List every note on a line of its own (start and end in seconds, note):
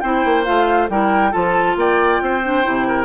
0.00 0.25 C4
0.00 0.44 E4
0.00 0.90 C5
0.00 0.44 G5
0.25 0.47 A#3
0.44 0.89 A3
0.44 0.88 F4
0.44 0.88 F5
0.89 1.33 G3
0.89 1.31 E4
0.89 1.31 A#4
0.89 1.32 G5
1.31 1.76 F3
1.31 2.41 F4
1.31 1.75 A4
1.31 1.76 A5
1.76 2.19 A#3
1.76 2.22 D5
1.76 3.05 G5
2.22 2.65 C4
2.22 2.87 C5
2.43 2.63 D4
2.63 3.05 C3
2.63 3.05 E4
2.87 3.05 A#4